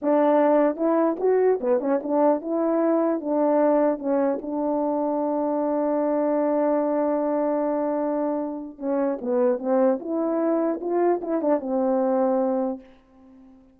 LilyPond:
\new Staff \with { instrumentName = "horn" } { \time 4/4 \tempo 4 = 150 d'2 e'4 fis'4 | b8 cis'8 d'4 e'2 | d'2 cis'4 d'4~ | d'1~ |
d'1~ | d'2 cis'4 b4 | c'4 e'2 f'4 | e'8 d'8 c'2. | }